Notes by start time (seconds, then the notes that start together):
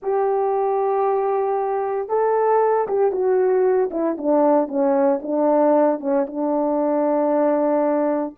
0.02 G4
2.08 A4
2.87 G4
3.11 F#4
3.90 E4
4.17 D4
4.68 C#4
5.22 D4
6.00 C#4
6.27 D4